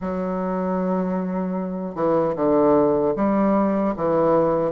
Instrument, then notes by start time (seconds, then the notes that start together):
bassoon
0.00 F#3
1.95 E3
2.35 D3
3.15 G3
3.96 E3